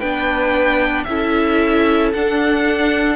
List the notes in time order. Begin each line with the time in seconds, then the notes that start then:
0.00 B3 D4 B4 G5
1.04 C#4 E4 E5
1.11 A4
2.13 D4 F#5